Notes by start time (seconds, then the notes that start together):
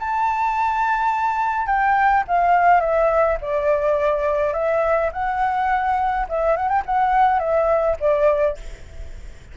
0.00 A5
1.67 G5
2.28 F5
2.81 E5
3.42 D5
4.54 E5
5.13 F#5
6.29 E5
6.57 F#5
6.69 G5
6.86 F#5
7.40 E5
8.00 D5